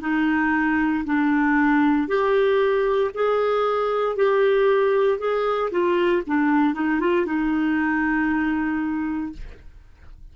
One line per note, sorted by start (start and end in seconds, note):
0.00 1.03 D#4
1.05 2.07 D4
2.07 3.11 G4
3.14 4.16 G#4
4.16 5.18 G4
5.18 5.70 G#4
5.71 6.23 F4
6.26 6.74 D4
6.74 7.00 D#4
7.00 7.26 F4
7.26 9.32 D#4